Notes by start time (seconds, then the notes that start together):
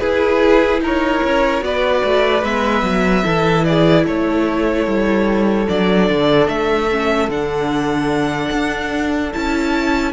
0.00 E4 G#4 B4
0.81 D#4 A#4 C#5
1.24 C#4
1.61 B3 F#4 B4 D5
2.04 A3
2.43 G#3 B3 E5
2.83 F#3
3.24 E3 E4 A4
3.65 G#4 D5
4.05 A3 A4 C#5
4.87 G3
5.67 F#3 D4 D5
6.10 D3
6.48 A3 E5
6.91 C#4
7.29 D3 D4 F#5
8.52 D4
9.33 C#4 E4 A5